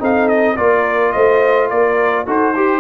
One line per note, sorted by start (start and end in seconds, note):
0.00 0.58 C4
0.00 0.57 D#4
0.00 0.58 A4
0.00 0.29 F5
0.29 0.57 D#5
0.57 1.15 A#3
0.57 2.27 F4
0.57 1.14 A#4
0.57 1.12 D5
1.12 1.71 A3
1.12 1.71 C5
1.12 1.69 D#5
1.70 2.27 A#3
1.70 2.27 A#4
1.70 2.27 D5
2.27 2.81 D#4
2.27 2.55 F#4
2.27 2.55 A4
2.27 2.81 C5
2.56 2.81 G4